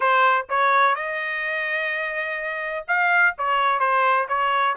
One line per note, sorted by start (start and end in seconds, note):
0.00 0.45 C5
0.49 0.95 C#5
0.95 2.85 D#5
2.87 3.35 F5
3.37 3.79 C#5
3.79 4.27 C5
4.28 4.76 C#5